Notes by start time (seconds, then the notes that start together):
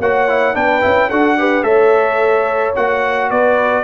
0.00 A#3 F#4 C#5 F#5
0.29 E4
0.54 B3 D4 B4 G5
0.82 C#4 E4
1.09 D4 F#4 A4 F#5
1.38 G4 B4
1.63 A3 A4 C#5 E5
2.76 A#3 F#4 F#5
3.31 B3 B4 D5